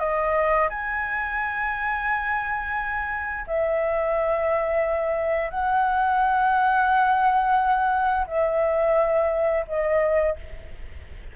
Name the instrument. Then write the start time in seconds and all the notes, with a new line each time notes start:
flute
0.00 D#5
0.70 G#5
3.48 E5
5.50 F#5
8.28 E5
9.68 D#5